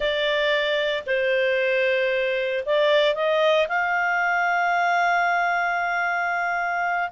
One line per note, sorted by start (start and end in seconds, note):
0.00 1.03 D5
1.06 2.64 C5
2.65 3.14 D5
3.14 3.67 D#5
3.68 7.10 F5